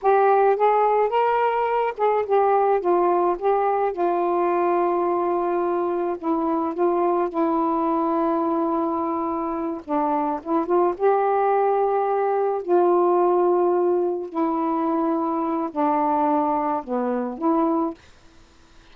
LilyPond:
\new Staff \with { instrumentName = "saxophone" } { \time 4/4 \tempo 4 = 107 g'4 gis'4 ais'4. gis'8 | g'4 f'4 g'4 f'4~ | f'2. e'4 | f'4 e'2.~ |
e'4. d'4 e'8 f'8 g'8~ | g'2~ g'8 f'4.~ | f'4. e'2~ e'8 | d'2 b4 e'4 | }